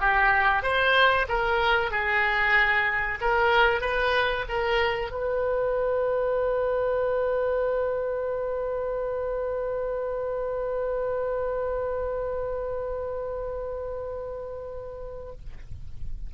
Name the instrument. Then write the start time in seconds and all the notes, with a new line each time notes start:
oboe
0.00 G4
0.62 C5
1.28 A#4
1.91 G#4
3.21 A#4
3.81 B4
4.48 A#4
5.10 B4